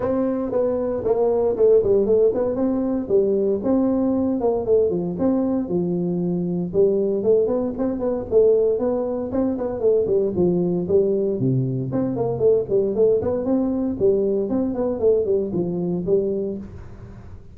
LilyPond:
\new Staff \with { instrumentName = "tuba" } { \time 4/4 \tempo 4 = 116 c'4 b4 ais4 a8 g8 | a8 b8 c'4 g4 c'4~ | c'8 ais8 a8 f8 c'4 f4~ | f4 g4 a8 b8 c'8 b8 |
a4 b4 c'8 b8 a8 g8 | f4 g4 c4 c'8 ais8 | a8 g8 a8 b8 c'4 g4 | c'8 b8 a8 g8 f4 g4 | }